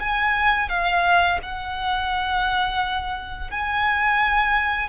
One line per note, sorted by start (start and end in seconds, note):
0.00 0.69 G#5
0.69 1.39 F5
1.42 3.51 F#5
3.51 4.89 G#5